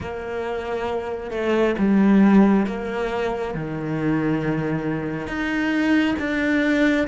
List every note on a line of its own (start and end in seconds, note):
0.00 1.30 A#3
1.30 1.74 A3
1.78 2.66 G3
2.66 3.54 A#3
3.54 5.27 D#3
5.27 6.15 D#4
6.18 7.07 D4